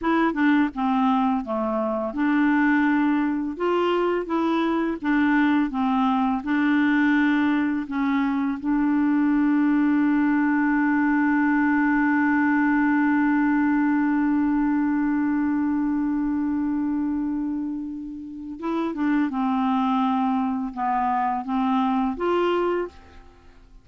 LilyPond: \new Staff \with { instrumentName = "clarinet" } { \time 4/4 \tempo 4 = 84 e'8 d'8 c'4 a4 d'4~ | d'4 f'4 e'4 d'4 | c'4 d'2 cis'4 | d'1~ |
d'1~ | d'1~ | d'2 e'8 d'8 c'4~ | c'4 b4 c'4 f'4 | }